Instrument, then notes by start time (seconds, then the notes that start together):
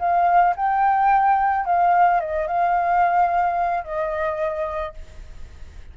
flute
0.00 F5
0.57 G5
1.66 F5
2.21 D#5
2.48 F5
3.85 D#5